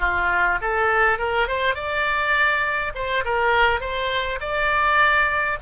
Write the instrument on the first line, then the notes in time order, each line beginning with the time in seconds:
oboe
0.00 F4
0.61 A4
1.19 A#4
1.48 C5
1.75 D5
2.95 C5
3.25 A#4
3.81 C5
4.41 D5